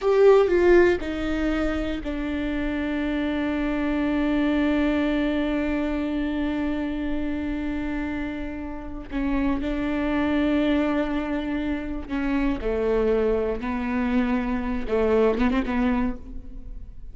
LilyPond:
\new Staff \with { instrumentName = "viola" } { \time 4/4 \tempo 4 = 119 g'4 f'4 dis'2 | d'1~ | d'1~ | d'1~ |
d'2 cis'4 d'4~ | d'1 | cis'4 a2 b4~ | b4. a4 b16 c'16 b4 | }